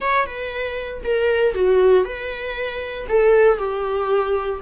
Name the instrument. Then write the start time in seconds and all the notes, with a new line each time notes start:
viola
0.00 C#5
0.26 B4
1.03 A#4
1.54 F#4
2.04 B4
3.09 A4
3.58 G4